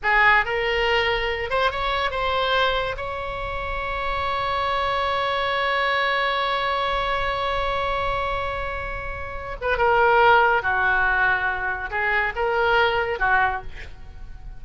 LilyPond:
\new Staff \with { instrumentName = "oboe" } { \time 4/4 \tempo 4 = 141 gis'4 ais'2~ ais'8 c''8 | cis''4 c''2 cis''4~ | cis''1~ | cis''1~ |
cis''1~ | cis''2~ cis''8 b'8 ais'4~ | ais'4 fis'2. | gis'4 ais'2 fis'4 | }